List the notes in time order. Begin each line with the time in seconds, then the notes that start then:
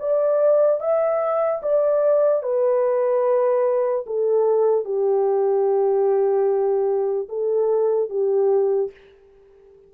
0.00 D5
0.81 E5
1.63 D5
2.43 B4
4.07 A4
4.85 G4
7.29 A4
8.10 G4